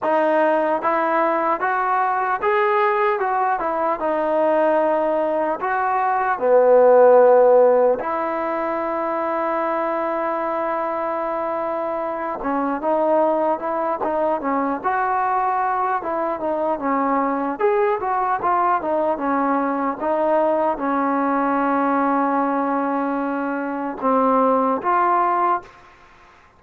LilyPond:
\new Staff \with { instrumentName = "trombone" } { \time 4/4 \tempo 4 = 75 dis'4 e'4 fis'4 gis'4 | fis'8 e'8 dis'2 fis'4 | b2 e'2~ | e'2.~ e'8 cis'8 |
dis'4 e'8 dis'8 cis'8 fis'4. | e'8 dis'8 cis'4 gis'8 fis'8 f'8 dis'8 | cis'4 dis'4 cis'2~ | cis'2 c'4 f'4 | }